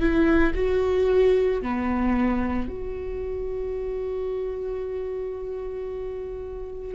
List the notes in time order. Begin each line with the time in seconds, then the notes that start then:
0.00 E4
0.55 F#4
1.62 B3
2.68 F#4